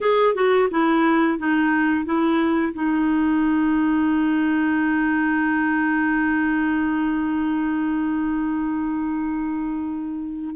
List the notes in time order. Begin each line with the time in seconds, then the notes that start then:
0.00 G#4
0.34 F#4
0.70 E4
1.38 D#4
2.05 E4
2.73 D#4